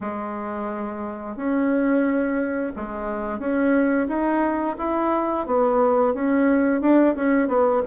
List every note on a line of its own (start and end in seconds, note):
0.01 1.36 G#3
1.36 2.72 C#4
2.76 3.39 G#3
3.39 4.07 C#4
4.08 4.76 D#4
4.78 5.46 E4
5.46 6.14 B3
6.14 6.81 C#4
6.81 7.15 D4
7.15 7.48 C#4
7.48 7.82 B3